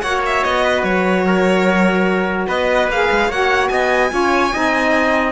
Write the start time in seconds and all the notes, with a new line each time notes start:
0.00 A#3 F#4 C#5 F#5
0.26 E5
0.43 B3 D#5
0.64 B4
0.83 F#3 C#5
1.26 A#4
2.47 B3 B4 D#5
2.88 A#3 G#4 F5
3.10 G#3
3.28 A#3 F#4 C#5 F#5
3.68 B3 D#5 G#5
4.09 C#4 F4 C#5
4.52 C4 D#4 D#5